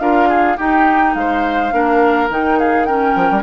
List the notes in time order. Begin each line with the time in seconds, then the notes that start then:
0.00 D4 F4 A#4 F5
0.29 G#4
0.57 D#4 G4 G5
1.15 G#3 C5 F5
1.72 A#3 D4 A#4
2.30 D#3 D#4 G5
2.59 G#4 F5
2.86 C#4 A#4 G5
3.16 F3
3.31 G3